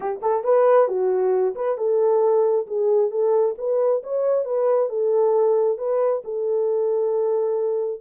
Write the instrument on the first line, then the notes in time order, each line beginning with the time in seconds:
horn
0.00 G4
0.22 A4
0.44 B4
0.88 F#4
1.55 B4
1.77 A4
2.66 G#4
3.10 A4
3.58 B4
4.03 C#5
4.44 B4
4.89 A4
5.78 B4
6.24 A4